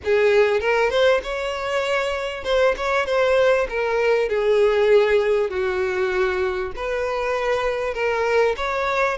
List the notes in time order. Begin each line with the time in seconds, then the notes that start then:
0.04 G#4
0.60 A#4
0.90 C5
1.23 C#5
2.44 C5
2.76 C#5
3.06 C5
3.69 A#4
4.29 G#4
5.49 F#4
6.75 B4
7.94 A#4
8.57 C#5